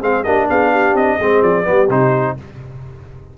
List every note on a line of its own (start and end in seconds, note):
0.00 0.25 G#3
0.00 0.24 C4
0.00 0.23 G#4
0.00 0.23 F5
0.23 0.49 A#3
0.23 1.20 D4
0.23 0.47 G4
0.23 0.47 D#5
0.49 0.94 B3
0.49 0.71 G#4
0.49 0.96 F5
0.71 1.18 G4
0.94 1.17 C4
0.94 1.42 D#5
1.19 1.42 G#3
1.19 1.63 C4
1.19 1.67 G#4
1.42 1.66 F3
1.42 1.89 D5
1.63 1.89 G3
1.63 1.87 B3
1.63 2.37 G4
1.89 2.36 C3
1.89 2.37 D#4
1.89 2.37 C5